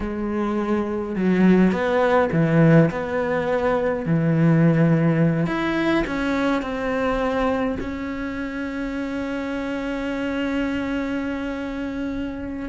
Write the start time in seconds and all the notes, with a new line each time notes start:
0.00 G#3
1.15 F#3
1.72 B3
2.32 E3
2.90 B3
4.05 E3
5.46 E4
6.06 C#4
6.62 C4
7.80 C#4